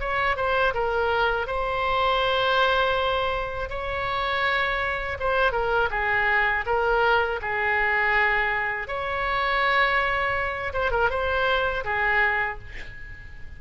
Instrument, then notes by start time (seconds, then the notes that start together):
oboe
0.00 C#5
0.37 C5
0.74 A#4
1.47 C5
3.70 C#5
5.20 C5
5.52 A#4
5.91 G#4
6.66 A#4
7.42 G#4
8.88 C#5
10.73 C5
10.92 A#4
11.10 C5
11.85 G#4